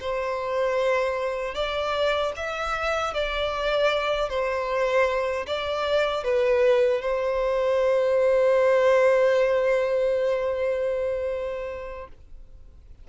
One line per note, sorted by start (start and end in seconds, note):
0.00 1.55 C5
1.55 2.33 D5
2.36 3.13 E5
3.13 4.29 D5
4.29 5.46 C5
5.47 6.24 D5
6.24 7.01 B4
7.01 12.08 C5